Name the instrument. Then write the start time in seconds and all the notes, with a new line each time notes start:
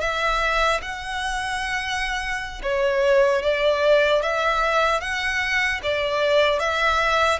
violin
0.00 E5
0.81 F#5
2.63 C#5
3.42 D5
4.22 E5
5.00 F#5
5.83 D5
6.59 E5